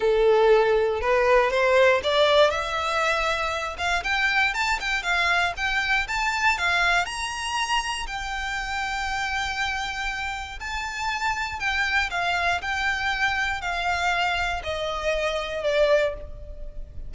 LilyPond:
\new Staff \with { instrumentName = "violin" } { \time 4/4 \tempo 4 = 119 a'2 b'4 c''4 | d''4 e''2~ e''8 f''8 | g''4 a''8 g''8 f''4 g''4 | a''4 f''4 ais''2 |
g''1~ | g''4 a''2 g''4 | f''4 g''2 f''4~ | f''4 dis''2 d''4 | }